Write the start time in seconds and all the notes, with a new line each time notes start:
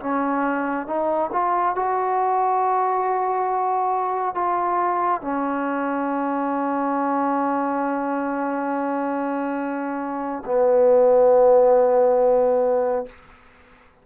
0.00 C#4
0.87 D#4
1.33 F4
1.75 F#4
4.35 F4
5.22 C#4
10.46 B3